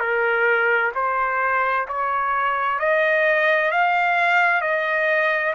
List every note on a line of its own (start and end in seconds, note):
0.00 0.92 A#4
0.95 1.88 C5
1.88 2.79 C#5
2.79 3.71 D#5
3.71 4.62 F5
4.62 5.54 D#5